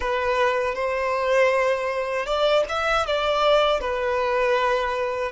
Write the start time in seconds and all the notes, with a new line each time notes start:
0.00 B4
0.74 C5
2.25 D5
2.68 E5
3.06 D5
3.80 B4